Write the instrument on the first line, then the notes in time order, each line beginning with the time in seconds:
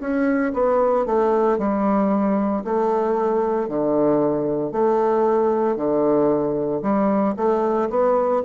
bassoon
0.00 C#4
0.53 B3
1.06 A3
1.58 G3
2.64 A3
3.68 D3
4.72 A3
5.76 D3
6.82 G3
7.36 A3
7.89 B3